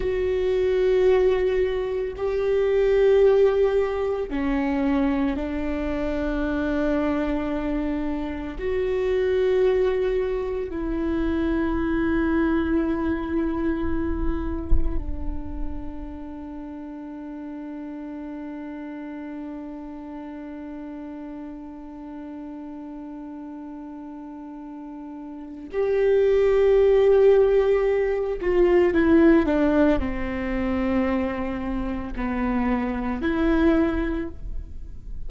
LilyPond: \new Staff \with { instrumentName = "viola" } { \time 4/4 \tempo 4 = 56 fis'2 g'2 | cis'4 d'2. | fis'2 e'2~ | e'2 d'2~ |
d'1~ | d'1 | g'2~ g'8 f'8 e'8 d'8 | c'2 b4 e'4 | }